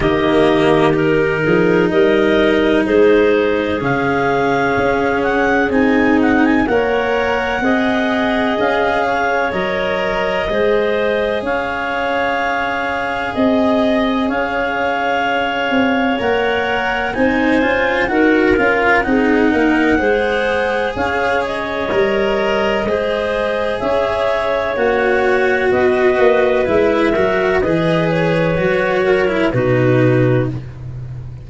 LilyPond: <<
  \new Staff \with { instrumentName = "clarinet" } { \time 4/4 \tempo 4 = 63 dis''4 ais'4 dis''4 c''4 | f''4. fis''8 gis''8 fis''16 gis''16 fis''4~ | fis''4 f''4 dis''2 | f''2 dis''4 f''4~ |
f''4 fis''4 gis''4 fis''8 f''8 | fis''2 f''8 dis''4.~ | dis''4 e''4 fis''4 dis''4 | e''4 dis''8 cis''4. b'4 | }
  \new Staff \with { instrumentName = "clarinet" } { \time 4/4 g'4. gis'8 ais'4 gis'4~ | gis'2. cis''4 | dis''4. cis''4. c''4 | cis''2 dis''4 cis''4~ |
cis''2 c''4 ais'4 | gis'8 ais'8 c''4 cis''2 | c''4 cis''2 b'4~ | b'8 ais'8 b'4. ais'8 fis'4 | }
  \new Staff \with { instrumentName = "cello" } { \time 4/4 ais4 dis'2. | cis'2 dis'4 ais'4 | gis'2 ais'4 gis'4~ | gis'1~ |
gis'4 ais'4 dis'8 f'8 fis'8 f'8 | dis'4 gis'2 ais'4 | gis'2 fis'2 | e'8 fis'8 gis'4 fis'8. e'16 dis'4 | }
  \new Staff \with { instrumentName = "tuba" } { \time 4/4 dis4. f8 g4 gis4 | cis4 cis'4 c'4 ais4 | c'4 cis'4 fis4 gis4 | cis'2 c'4 cis'4~ |
cis'8 c'8 ais4 c'8 cis'8 dis'8 cis'8 | c'8 ais8 gis4 cis'4 g4 | gis4 cis'4 ais4 b8 ais8 | gis8 fis8 e4 fis4 b,4 | }
>>